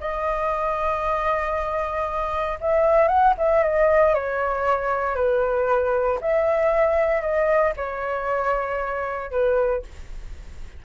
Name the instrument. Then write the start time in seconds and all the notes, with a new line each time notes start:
flute
0.00 D#5
2.61 E5
3.08 F#5
3.38 E5
3.63 D#5
4.14 C#5
5.15 B4
6.21 E5
7.21 D#5
7.76 C#5
9.31 B4